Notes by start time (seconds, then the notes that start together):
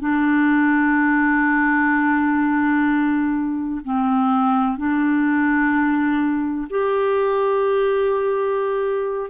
0.00 D4
3.84 C4
4.78 D4
6.70 G4